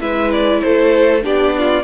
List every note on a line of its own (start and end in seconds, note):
0.00 0.62 G#3
0.00 1.21 E4
0.00 0.61 B4
0.00 0.31 E5
0.32 0.61 D5
0.61 1.24 A3
0.61 1.25 A4
0.61 1.21 C5
1.22 1.83 B3
1.22 1.82 D4
1.22 1.55 G4
1.22 1.83 D5
1.58 1.83 F4